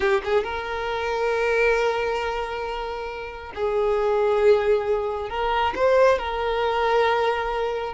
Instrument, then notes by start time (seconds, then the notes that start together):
violin
0.00 G4
0.24 G#4
0.43 A#4
3.54 G#4
5.29 A#4
5.75 C5
6.18 A#4